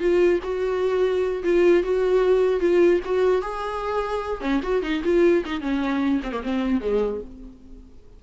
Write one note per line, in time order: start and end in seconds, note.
0.00 0.40 F4
0.44 1.44 F#4
1.44 1.83 F4
1.83 2.61 F#4
2.61 3.01 F4
3.05 3.42 F#4
3.42 4.41 G#4
4.41 4.61 C#4
4.63 4.83 F#4
4.83 5.03 D#4
5.04 5.44 F4
5.45 5.61 D#4
5.61 6.21 C#4
6.23 6.32 C4
6.32 6.42 A#3
6.43 6.81 C4
6.81 7.21 G#3